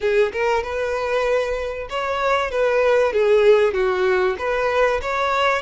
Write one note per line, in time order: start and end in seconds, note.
0.00 0.32 G#4
0.32 0.62 A#4
0.62 1.88 B4
1.89 2.50 C#5
2.50 3.12 B4
3.12 3.73 G#4
3.73 4.36 F#4
4.38 5.01 B4
5.01 5.61 C#5